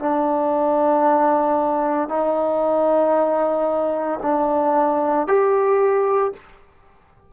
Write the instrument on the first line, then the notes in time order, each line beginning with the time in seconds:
trombone
0.00 D4
2.09 D#4
4.23 D4
5.28 G4